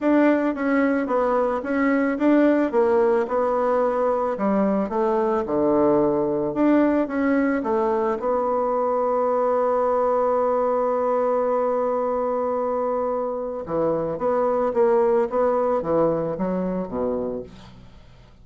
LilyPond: \new Staff \with { instrumentName = "bassoon" } { \time 4/4 \tempo 4 = 110 d'4 cis'4 b4 cis'4 | d'4 ais4 b2 | g4 a4 d2 | d'4 cis'4 a4 b4~ |
b1~ | b1~ | b4 e4 b4 ais4 | b4 e4 fis4 b,4 | }